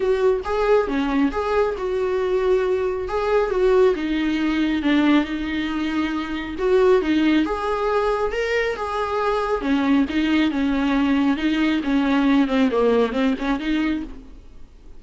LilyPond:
\new Staff \with { instrumentName = "viola" } { \time 4/4 \tempo 4 = 137 fis'4 gis'4 cis'4 gis'4 | fis'2. gis'4 | fis'4 dis'2 d'4 | dis'2. fis'4 |
dis'4 gis'2 ais'4 | gis'2 cis'4 dis'4 | cis'2 dis'4 cis'4~ | cis'8 c'8 ais4 c'8 cis'8 dis'4 | }